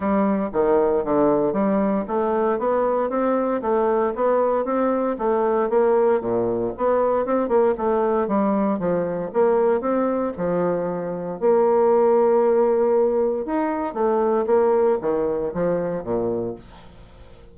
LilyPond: \new Staff \with { instrumentName = "bassoon" } { \time 4/4 \tempo 4 = 116 g4 dis4 d4 g4 | a4 b4 c'4 a4 | b4 c'4 a4 ais4 | ais,4 b4 c'8 ais8 a4 |
g4 f4 ais4 c'4 | f2 ais2~ | ais2 dis'4 a4 | ais4 dis4 f4 ais,4 | }